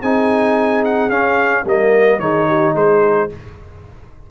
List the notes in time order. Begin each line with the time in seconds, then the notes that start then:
0.00 C4 D#4 G#4 G#5
0.84 F#5
1.09 C#4 F5
1.65 G3 A#3 A#4 D#5
2.18 D#3 D#4 G#4 C#5
2.47 G4
2.74 G#3 G#4 C5